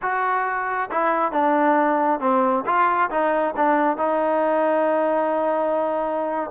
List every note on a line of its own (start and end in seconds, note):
0.02 0.90 F#4
0.91 1.32 E4
1.32 2.20 D4
2.20 2.64 C4
2.66 3.10 F4
3.10 3.54 D#4
3.56 3.97 D4
3.97 6.51 D#4